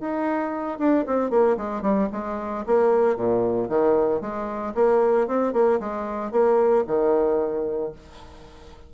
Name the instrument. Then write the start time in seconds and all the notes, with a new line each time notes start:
bassoon
0.00 D#4
0.78 D4
1.06 C4
1.30 A#3
1.57 G#3
1.82 G3
2.12 G#3
2.66 A#3
3.16 A#2
3.69 D#3
4.21 G#3
4.75 A#3
5.27 C4
5.53 A#3
5.80 G#3
6.31 A#3
6.87 D#3